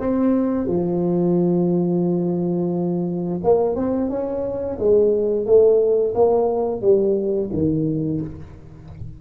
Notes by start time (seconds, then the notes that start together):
0.00 C4
0.68 F3
3.44 A#3
3.76 C4
4.10 C#4
4.79 G#3
5.46 A3
6.15 A#3
6.82 G3
7.53 D#3